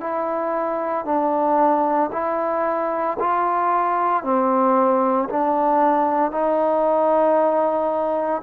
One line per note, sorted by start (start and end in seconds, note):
0.00 1.05 E4
1.05 2.10 D4
2.12 3.18 E4
3.19 4.23 F4
4.23 5.29 C4
5.29 6.31 D4
6.31 8.42 D#4